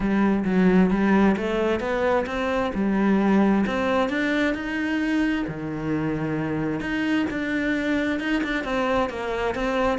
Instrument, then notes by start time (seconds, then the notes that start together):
cello
0.00 G3
0.44 F#3
0.90 G3
1.36 A3
1.80 B3
2.26 C4
2.74 G3
3.66 C4
4.09 D4
4.54 D#4
5.47 D#3
6.80 D#4
7.30 D4
8.19 D#4
8.43 D4
8.64 C4
9.09 A#3
9.54 C4